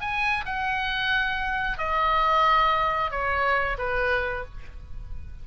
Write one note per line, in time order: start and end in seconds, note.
0.00 0.44 G#5
0.45 1.78 F#5
1.78 3.11 D#5
3.11 3.77 C#5
3.78 4.44 B4